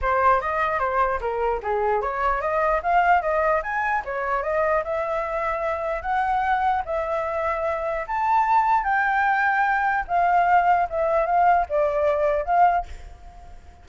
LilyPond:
\new Staff \with { instrumentName = "flute" } { \time 4/4 \tempo 4 = 149 c''4 dis''4 c''4 ais'4 | gis'4 cis''4 dis''4 f''4 | dis''4 gis''4 cis''4 dis''4 | e''2. fis''4~ |
fis''4 e''2. | a''2 g''2~ | g''4 f''2 e''4 | f''4 d''2 f''4 | }